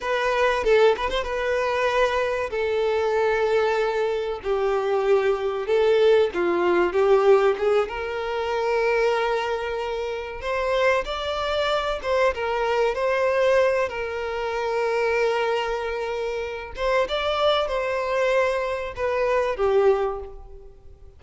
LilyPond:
\new Staff \with { instrumentName = "violin" } { \time 4/4 \tempo 4 = 95 b'4 a'8 b'16 c''16 b'2 | a'2. g'4~ | g'4 a'4 f'4 g'4 | gis'8 ais'2.~ ais'8~ |
ais'8 c''4 d''4. c''8 ais'8~ | ais'8 c''4. ais'2~ | ais'2~ ais'8 c''8 d''4 | c''2 b'4 g'4 | }